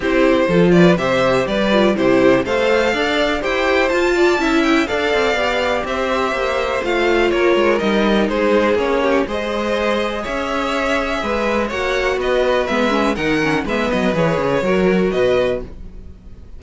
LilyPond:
<<
  \new Staff \with { instrumentName = "violin" } { \time 4/4 \tempo 4 = 123 c''4. d''8 e''4 d''4 | c''4 f''2 g''4 | a''4. g''8 f''2 | e''2 f''4 cis''4 |
dis''4 c''4 cis''4 dis''4~ | dis''4 e''2. | fis''4 dis''4 e''4 fis''4 | e''8 dis''8 cis''2 dis''4 | }
  \new Staff \with { instrumentName = "violin" } { \time 4/4 g'4 a'8 b'8 c''4 b'4 | g'4 c''4 d''4 c''4~ | c''8 d''8 e''4 d''2 | c''2. ais'4~ |
ais'4 gis'4. g'8 c''4~ | c''4 cis''2 b'4 | cis''4 b'2 ais'4 | b'2 ais'4 b'4 | }
  \new Staff \with { instrumentName = "viola" } { \time 4/4 e'4 f'4 g'4. f'8 | e'4 a'2 g'4 | f'4 e'4 a'4 g'4~ | g'2 f'2 |
dis'2 cis'4 gis'4~ | gis'1 | fis'2 b8 cis'8 dis'8 cis'8 | b4 gis'4 fis'2 | }
  \new Staff \with { instrumentName = "cello" } { \time 4/4 c'4 f4 c4 g4 | c4 a4 d'4 e'4 | f'4 cis'4 d'8 c'8 b4 | c'4 ais4 a4 ais8 gis8 |
g4 gis4 ais4 gis4~ | gis4 cis'2 gis4 | ais4 b4 gis4 dis4 | gis8 fis8 e8 cis8 fis4 b,4 | }
>>